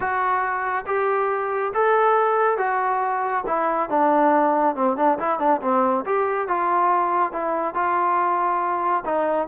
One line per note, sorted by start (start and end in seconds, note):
0.00 0.85 F#4
0.86 1.72 G4
1.73 2.57 A4
2.57 3.44 F#4
3.46 3.89 E4
3.89 4.75 D4
4.75 4.96 C4
4.96 5.18 D4
5.18 5.39 E4
5.39 5.60 D4
5.61 6.04 C4
6.05 6.48 G4
6.48 7.32 F4
7.32 7.74 E4
7.74 9.04 F4
9.05 9.47 D#4